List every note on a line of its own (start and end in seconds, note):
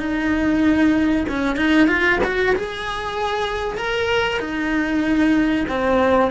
0.00 1.26 D#4
1.29 1.57 C#4
1.57 1.88 D#4
1.88 2.20 F4
2.24 2.56 F#4
2.56 3.78 G#4
3.78 4.40 A#4
4.40 5.66 D#4
5.69 6.32 C4